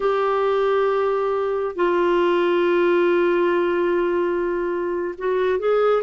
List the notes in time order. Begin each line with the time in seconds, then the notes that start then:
0.00 G4
1.75 F4
5.18 F#4
5.59 G#4